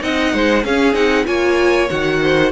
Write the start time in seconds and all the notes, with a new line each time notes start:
0.00 C4 D#4 D#5 F#5
0.34 G#3 C5
0.64 C#4 G#4 F5
0.94 C4 D#4 F#5
1.25 A#3 F4 C#5 G#5
1.90 D#3 F#4 F#5
2.22 C5